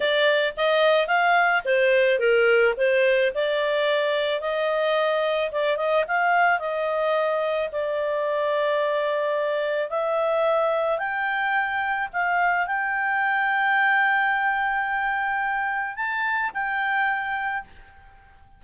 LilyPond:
\new Staff \with { instrumentName = "clarinet" } { \time 4/4 \tempo 4 = 109 d''4 dis''4 f''4 c''4 | ais'4 c''4 d''2 | dis''2 d''8 dis''8 f''4 | dis''2 d''2~ |
d''2 e''2 | g''2 f''4 g''4~ | g''1~ | g''4 a''4 g''2 | }